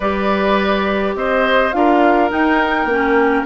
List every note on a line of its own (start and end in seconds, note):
0.00 1.15 G3
0.00 1.73 G4
0.00 1.14 B4
0.00 1.15 D5
1.15 1.73 C4
1.15 1.75 C5
1.15 1.72 D#5
1.72 2.31 D4
1.72 2.29 F4
1.72 3.45 A#4
1.72 2.29 F5
2.29 2.87 D#4
2.29 2.84 D#4
2.29 3.45 G5
2.84 3.42 A#3
2.84 3.45 C#4